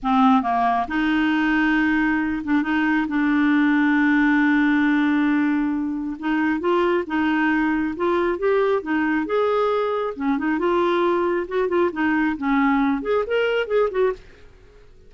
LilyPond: \new Staff \with { instrumentName = "clarinet" } { \time 4/4 \tempo 4 = 136 c'4 ais4 dis'2~ | dis'4. d'8 dis'4 d'4~ | d'1~ | d'2 dis'4 f'4 |
dis'2 f'4 g'4 | dis'4 gis'2 cis'8 dis'8 | f'2 fis'8 f'8 dis'4 | cis'4. gis'8 ais'4 gis'8 fis'8 | }